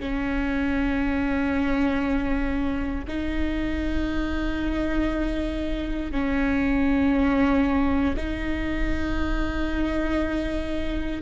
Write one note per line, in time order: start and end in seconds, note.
0.00 3.05 C#4
3.08 6.12 D#4
6.12 8.15 C#4
8.16 11.21 D#4